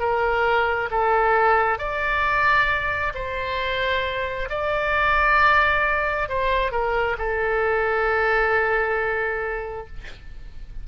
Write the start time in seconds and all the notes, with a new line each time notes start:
0.00 A#4
0.91 A4
1.79 D5
3.15 C5
4.50 D5
6.29 C5
6.72 A#4
7.18 A4